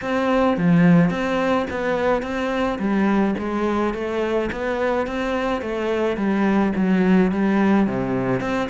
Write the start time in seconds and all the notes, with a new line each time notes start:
0.01 C4
0.57 F3
1.10 C4
1.70 B3
2.22 C4
2.79 G3
3.38 G#3
3.94 A3
4.52 B3
5.06 C4
5.61 A3
6.16 G3
6.75 F#3
7.31 G3
7.87 C3
8.40 C4